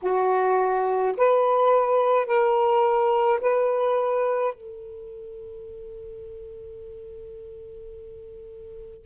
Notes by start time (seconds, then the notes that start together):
0.02 F#4
1.17 B4
2.26 A#4
3.41 B4
4.54 A4